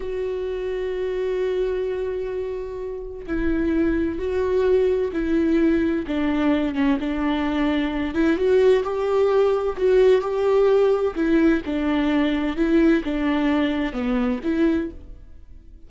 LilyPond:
\new Staff \with { instrumentName = "viola" } { \time 4/4 \tempo 4 = 129 fis'1~ | fis'2. e'4~ | e'4 fis'2 e'4~ | e'4 d'4. cis'8 d'4~ |
d'4. e'8 fis'4 g'4~ | g'4 fis'4 g'2 | e'4 d'2 e'4 | d'2 b4 e'4 | }